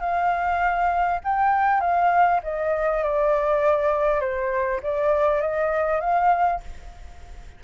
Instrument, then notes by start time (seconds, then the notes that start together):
flute
0.00 F5
1.24 G5
1.80 F5
2.43 D#5
3.03 D5
4.20 C5
4.82 D5
5.41 D#5
6.00 F5